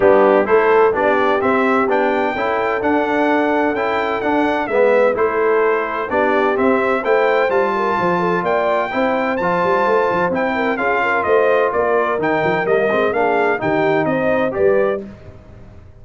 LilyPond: <<
  \new Staff \with { instrumentName = "trumpet" } { \time 4/4 \tempo 4 = 128 g'4 c''4 d''4 e''4 | g''2 fis''2 | g''4 fis''4 e''4 c''4~ | c''4 d''4 e''4 g''4 |
a''2 g''2 | a''2 g''4 f''4 | dis''4 d''4 g''4 dis''4 | f''4 g''4 dis''4 d''4 | }
  \new Staff \with { instrumentName = "horn" } { \time 4/4 d'4 a'4 g'2~ | g'4 a'2.~ | a'2 b'4 a'4~ | a'4 g'2 c''4~ |
c''8 ais'8 c''8 a'8 d''4 c''4~ | c''2~ c''8 ais'8 gis'8 ais'8 | c''4 ais'2. | gis'4 g'4 c''4 b'4 | }
  \new Staff \with { instrumentName = "trombone" } { \time 4/4 b4 e'4 d'4 c'4 | d'4 e'4 d'2 | e'4 d'4 b4 e'4~ | e'4 d'4 c'4 e'4 |
f'2. e'4 | f'2 e'4 f'4~ | f'2 dis'4 ais8 c'8 | d'4 dis'2 g'4 | }
  \new Staff \with { instrumentName = "tuba" } { \time 4/4 g4 a4 b4 c'4 | b4 cis'4 d'2 | cis'4 d'4 gis4 a4~ | a4 b4 c'4 a4 |
g4 f4 ais4 c'4 | f8 g8 a8 f8 c'4 cis'4 | a4 ais4 dis8 f8 g8 gis8 | ais4 dis4 c'4 g4 | }
>>